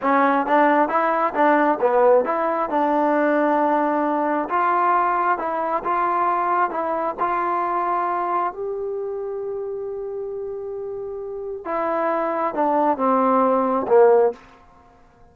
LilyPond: \new Staff \with { instrumentName = "trombone" } { \time 4/4 \tempo 4 = 134 cis'4 d'4 e'4 d'4 | b4 e'4 d'2~ | d'2 f'2 | e'4 f'2 e'4 |
f'2. g'4~ | g'1~ | g'2 e'2 | d'4 c'2 ais4 | }